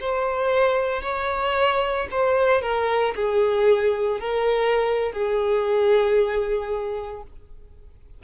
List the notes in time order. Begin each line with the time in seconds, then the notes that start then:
0.00 C5
1.02 C#5
2.11 C5
2.62 A#4
3.15 G#4
4.20 A#4
5.12 G#4